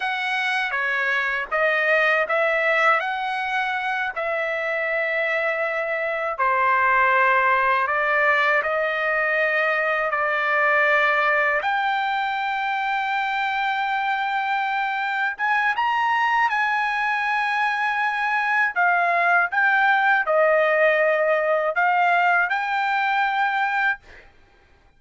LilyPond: \new Staff \with { instrumentName = "trumpet" } { \time 4/4 \tempo 4 = 80 fis''4 cis''4 dis''4 e''4 | fis''4. e''2~ e''8~ | e''8 c''2 d''4 dis''8~ | dis''4. d''2 g''8~ |
g''1~ | g''8 gis''8 ais''4 gis''2~ | gis''4 f''4 g''4 dis''4~ | dis''4 f''4 g''2 | }